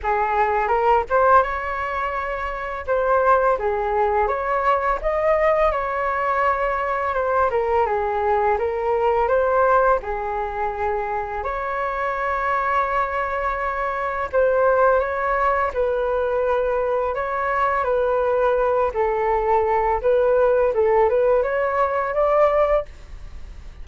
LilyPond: \new Staff \with { instrumentName = "flute" } { \time 4/4 \tempo 4 = 84 gis'4 ais'8 c''8 cis''2 | c''4 gis'4 cis''4 dis''4 | cis''2 c''8 ais'8 gis'4 | ais'4 c''4 gis'2 |
cis''1 | c''4 cis''4 b'2 | cis''4 b'4. a'4. | b'4 a'8 b'8 cis''4 d''4 | }